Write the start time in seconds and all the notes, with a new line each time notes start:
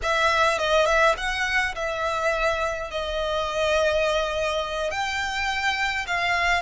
0.02 E5
0.58 D#5
0.85 E5
1.17 F#5
1.75 E5
2.90 D#5
4.90 G5
6.06 F5